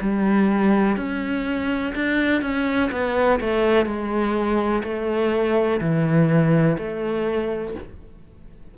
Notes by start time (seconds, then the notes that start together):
0.00 G3
0.96 C#4
1.95 D4
2.41 C#4
2.91 B3
3.40 A3
3.85 G#3
4.83 A3
5.80 E3
6.77 A3